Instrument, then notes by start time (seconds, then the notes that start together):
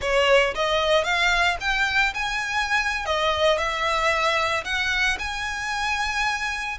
violin
0.01 C#5
0.55 D#5
1.04 F5
1.60 G5
2.14 G#5
3.05 D#5
3.57 E5
4.64 F#5
5.18 G#5